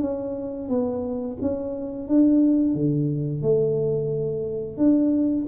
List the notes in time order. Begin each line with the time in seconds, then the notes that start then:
0.00 C#4
0.68 B3
1.41 C#4
2.08 D4
2.74 D3
3.42 A3
4.77 D4